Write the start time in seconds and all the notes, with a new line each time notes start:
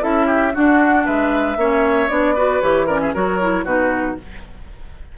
0.00 C#4 E4 A4 E5
0.26 G4
0.53 D4 F#4 F#5
1.05 G#3 B4 E5
1.56 A#3 C#4 C#5
2.08 B3 D4 D5
2.34 F#4 B4
2.60 E3 G4 C#5
2.86 C#4 A#4 D5
3.00 G#4 E5
3.13 F#3 F#4 A#4 C#5
3.40 E4
3.64 B2 D#4 F#4 B4